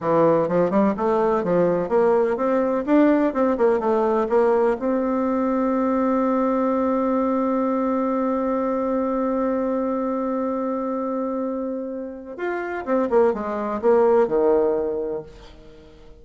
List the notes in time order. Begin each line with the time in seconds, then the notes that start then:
0.01 E3
0.48 F3
0.70 G3
0.96 A3
1.43 F3
1.89 A#3
2.36 C4
2.85 D4
3.33 C4
3.57 A#3
3.79 A3
4.29 A#3
4.79 C4
12.37 F4
12.85 C4
13.10 A#3
13.33 G#3
13.81 A#3
14.27 D#3